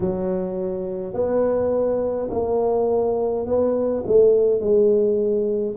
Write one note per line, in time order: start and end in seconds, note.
0.00 1.13 F#3
1.13 2.29 B3
2.31 3.46 A#3
3.46 4.03 B3
4.05 4.60 A3
4.60 5.75 G#3